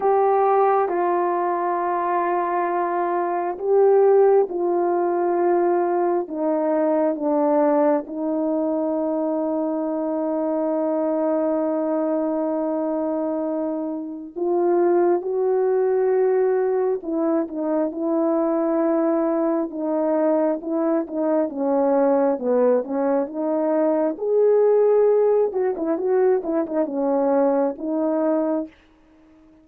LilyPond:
\new Staff \with { instrumentName = "horn" } { \time 4/4 \tempo 4 = 67 g'4 f'2. | g'4 f'2 dis'4 | d'4 dis'2.~ | dis'1 |
f'4 fis'2 e'8 dis'8 | e'2 dis'4 e'8 dis'8 | cis'4 b8 cis'8 dis'4 gis'4~ | gis'8 fis'16 e'16 fis'8 e'16 dis'16 cis'4 dis'4 | }